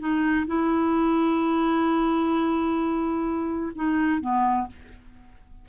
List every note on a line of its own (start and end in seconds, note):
0.00 0.47 D#4
0.47 3.73 E4
3.75 4.21 D#4
4.21 4.68 B3